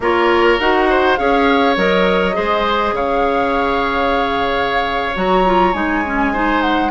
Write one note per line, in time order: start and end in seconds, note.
0.00 0.58 A#3
0.00 0.59 F4
0.00 0.89 A#4
0.00 0.59 C#5
0.59 1.18 D#4
0.59 1.17 F#4
0.59 1.16 F#5
0.89 1.19 C5
1.16 1.77 C#4
1.16 1.76 G#4
1.16 2.35 C#5
1.16 1.75 F5
1.76 2.35 F#3
1.76 2.33 A#4
1.76 2.95 D#5
2.33 2.92 G#3
2.33 5.12 G#4
2.33 2.94 C5
2.92 5.12 C#3
2.92 6.32 C#5
2.92 5.15 F5
5.15 5.73 F#3
5.15 5.44 F#4
5.15 5.73 A#5
5.45 5.73 F4
5.73 6.90 G#3
5.73 6.03 D#4
5.73 6.61 G#5
6.05 6.34 C#4
6.32 6.90 D#4
6.32 6.90 C5
6.61 6.90 F#5